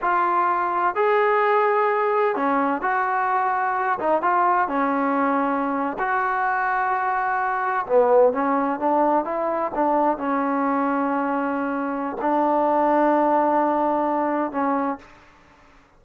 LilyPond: \new Staff \with { instrumentName = "trombone" } { \time 4/4 \tempo 4 = 128 f'2 gis'2~ | gis'4 cis'4 fis'2~ | fis'8 dis'8 f'4 cis'2~ | cis'8. fis'2.~ fis'16~ |
fis'8. b4 cis'4 d'4 e'16~ | e'8. d'4 cis'2~ cis'16~ | cis'2 d'2~ | d'2. cis'4 | }